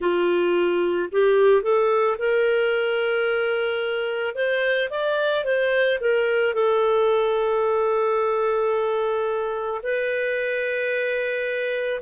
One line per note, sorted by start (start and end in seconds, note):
0.00 1.09 F4
1.11 1.62 G4
1.62 2.17 A4
2.18 4.34 A#4
4.34 4.89 C5
4.89 5.44 D5
5.44 5.99 C5
6.00 6.54 A#4
6.54 9.81 A4
9.82 12.00 B4